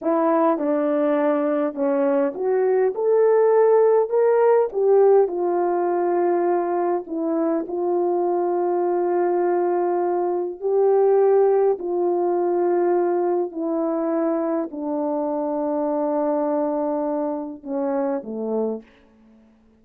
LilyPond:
\new Staff \with { instrumentName = "horn" } { \time 4/4 \tempo 4 = 102 e'4 d'2 cis'4 | fis'4 a'2 ais'4 | g'4 f'2. | e'4 f'2.~ |
f'2 g'2 | f'2. e'4~ | e'4 d'2.~ | d'2 cis'4 a4 | }